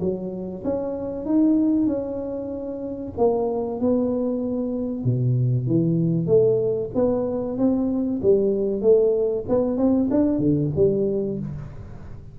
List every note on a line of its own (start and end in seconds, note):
0.00 0.63 F#3
0.64 1.25 C#4
1.25 1.87 D#4
1.87 3.13 C#4
3.17 3.80 A#3
3.80 5.04 B3
5.04 5.67 B2
5.67 6.26 E3
6.26 6.90 A3
6.94 7.57 B3
7.57 8.20 C4
8.22 8.81 G3
8.81 9.44 A3
9.49 9.77 B3
9.77 10.09 C4
10.11 10.38 D4
10.38 10.70 D3
10.76 11.39 G3